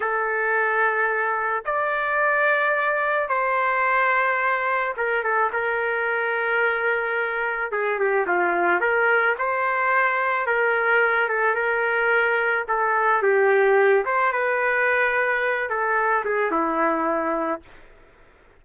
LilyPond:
\new Staff \with { instrumentName = "trumpet" } { \time 4/4 \tempo 4 = 109 a'2. d''4~ | d''2 c''2~ | c''4 ais'8 a'8 ais'2~ | ais'2 gis'8 g'8 f'4 |
ais'4 c''2 ais'4~ | ais'8 a'8 ais'2 a'4 | g'4. c''8 b'2~ | b'8 a'4 gis'8 e'2 | }